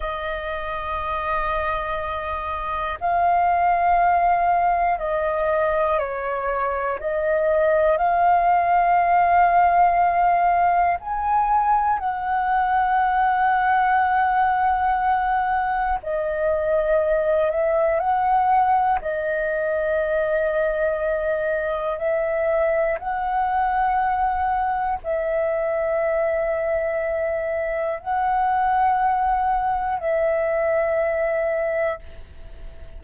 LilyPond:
\new Staff \with { instrumentName = "flute" } { \time 4/4 \tempo 4 = 60 dis''2. f''4~ | f''4 dis''4 cis''4 dis''4 | f''2. gis''4 | fis''1 |
dis''4. e''8 fis''4 dis''4~ | dis''2 e''4 fis''4~ | fis''4 e''2. | fis''2 e''2 | }